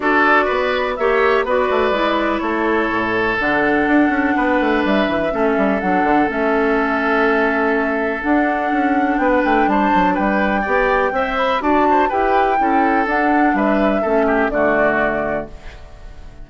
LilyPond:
<<
  \new Staff \with { instrumentName = "flute" } { \time 4/4 \tempo 4 = 124 d''2 e''4 d''4~ | d''4 cis''2 fis''4~ | fis''2 e''2 | fis''4 e''2.~ |
e''4 fis''2 g''16 fis''16 g''8 | a''4 g''2~ g''8 b''8 | a''4 g''2 fis''4 | e''2 d''2 | }
  \new Staff \with { instrumentName = "oboe" } { \time 4/4 a'4 b'4 cis''4 b'4~ | b'4 a'2.~ | a'4 b'2 a'4~ | a'1~ |
a'2. b'4 | c''4 b'4 d''4 e''4 | d''8 c''8 b'4 a'2 | b'4 a'8 g'8 fis'2 | }
  \new Staff \with { instrumentName = "clarinet" } { \time 4/4 fis'2 g'4 fis'4 | e'2. d'4~ | d'2. cis'4 | d'4 cis'2.~ |
cis'4 d'2.~ | d'2 g'4 c''4 | fis'4 g'4 e'4 d'4~ | d'4 cis'4 a2 | }
  \new Staff \with { instrumentName = "bassoon" } { \time 4/4 d'4 b4 ais4 b8 a8 | gis4 a4 a,4 d4 | d'8 cis'8 b8 a8 g8 e8 a8 g8 | fis8 d8 a2.~ |
a4 d'4 cis'4 b8 a8 | g8 fis8 g4 b4 c'4 | d'4 e'4 cis'4 d'4 | g4 a4 d2 | }
>>